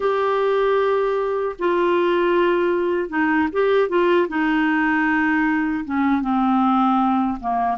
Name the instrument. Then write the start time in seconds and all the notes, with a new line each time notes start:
clarinet
0.00 G4
1.58 F4
3.09 D#4
3.52 G4
3.88 F4
4.28 D#4
5.84 C#4
6.21 C4
7.40 A#3